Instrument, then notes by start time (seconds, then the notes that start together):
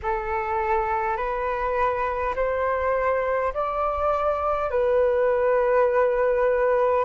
flute
0.02 A4
1.17 B4
2.35 C5
3.53 D5
4.70 B4